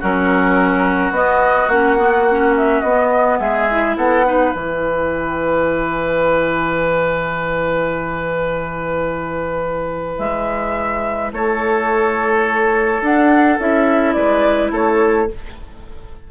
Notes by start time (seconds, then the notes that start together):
0.00 F#3 C#4 F#4 A#4
1.11 B3 D#5
1.68 A#3 C#4 F#5
1.98 B3
2.31 C#4
2.57 E5
2.81 B3 D#5
3.40 G#3 G#4 E5
3.70 E4
3.96 B3 A4 F#5
4.25 D#4 B4
4.52 E3 E4 G#5
10.18 G#3 E5
11.32 A3 A4 C#5
13.01 D4 F#5
13.59 C#4 E4 E5
14.13 G#3 B4 D5
14.71 A3 A4 C#5